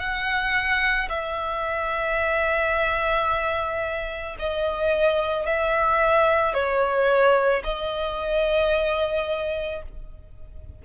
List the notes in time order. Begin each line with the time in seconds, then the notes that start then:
0.00 F#5
1.10 E5
4.39 D#5
5.46 E5
6.54 C#5
7.65 D#5